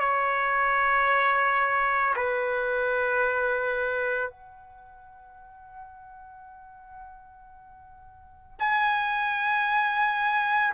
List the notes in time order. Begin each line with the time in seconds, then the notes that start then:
0.00 C#5
2.16 B4
4.31 F#5
8.59 G#5